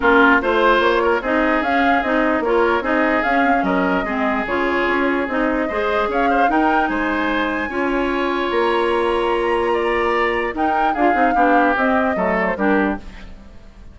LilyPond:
<<
  \new Staff \with { instrumentName = "flute" } { \time 4/4 \tempo 4 = 148 ais'4 c''4 cis''4 dis''4 | f''4 dis''4 cis''4 dis''4 | f''4 dis''2 cis''4~ | cis''4 dis''2 f''4 |
g''4 gis''2.~ | gis''4 ais''2.~ | ais''2 g''4 f''4~ | f''4 dis''4. d''16 c''16 ais'4 | }
  \new Staff \with { instrumentName = "oboe" } { \time 4/4 f'4 c''4. ais'8 gis'4~ | gis'2 ais'4 gis'4~ | gis'4 ais'4 gis'2~ | gis'2 c''4 cis''8 c''8 |
ais'4 c''2 cis''4~ | cis''1 | d''2 ais'4 gis'4 | g'2 a'4 g'4 | }
  \new Staff \with { instrumentName = "clarinet" } { \time 4/4 cis'4 f'2 dis'4 | cis'4 dis'4 f'4 dis'4 | cis'8 c'16 cis'4~ cis'16 c'4 f'4~ | f'4 dis'4 gis'2 |
dis'2. f'4~ | f'1~ | f'2 dis'4 f'8 dis'8 | d'4 c'4 a4 d'4 | }
  \new Staff \with { instrumentName = "bassoon" } { \time 4/4 ais4 a4 ais4 c'4 | cis'4 c'4 ais4 c'4 | cis'4 fis4 gis4 cis4 | cis'4 c'4 gis4 cis'4 |
dis'4 gis2 cis'4~ | cis'4 ais2.~ | ais2 dis'4 d'8 c'8 | b4 c'4 fis4 g4 | }
>>